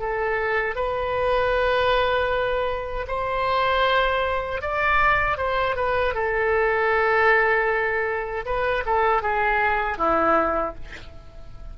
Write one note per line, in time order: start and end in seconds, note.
0.00 0.76 A4
0.76 3.07 B4
3.08 4.62 C5
4.62 5.38 D5
5.38 5.76 C5
5.76 6.14 B4
6.14 8.45 A4
8.46 8.84 B4
8.86 9.23 A4
9.23 9.98 G#4
9.98 10.75 E4